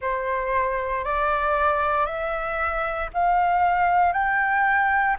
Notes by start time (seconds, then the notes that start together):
0.01 C5
1.04 D5
2.05 E5
3.13 F5
4.12 G5